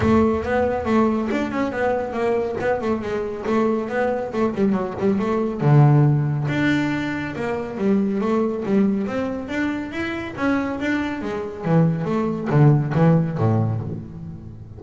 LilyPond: \new Staff \with { instrumentName = "double bass" } { \time 4/4 \tempo 4 = 139 a4 b4 a4 d'8 cis'8 | b4 ais4 b8 a8 gis4 | a4 b4 a8 g8 fis8 g8 | a4 d2 d'4~ |
d'4 ais4 g4 a4 | g4 c'4 d'4 e'4 | cis'4 d'4 gis4 e4 | a4 d4 e4 a,4 | }